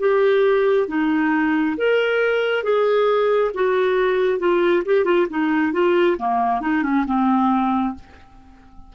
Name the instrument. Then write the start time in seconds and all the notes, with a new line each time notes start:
clarinet
0.00 G4
0.88 D#4
1.77 A#4
2.64 G#4
3.55 F#4
4.40 F4
4.86 G4
5.05 F4
5.30 D#4
5.73 F4
6.18 A#3
6.61 D#4
6.83 C#4
7.07 C4